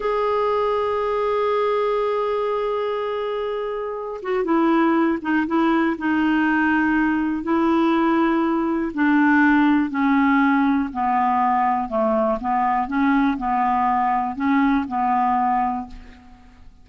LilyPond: \new Staff \with { instrumentName = "clarinet" } { \time 4/4 \tempo 4 = 121 gis'1~ | gis'1~ | gis'8 fis'8 e'4. dis'8 e'4 | dis'2. e'4~ |
e'2 d'2 | cis'2 b2 | a4 b4 cis'4 b4~ | b4 cis'4 b2 | }